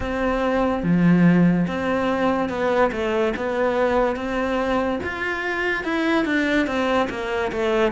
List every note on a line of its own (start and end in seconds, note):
0.00 0.83 C4
0.83 1.66 F3
1.67 2.48 C4
2.48 2.90 B3
2.92 3.33 A3
3.36 4.16 B3
4.16 4.99 C4
5.03 5.83 F4
5.83 6.25 E4
6.25 6.67 D4
6.67 7.08 C4
7.09 7.51 A#3
7.52 7.92 A3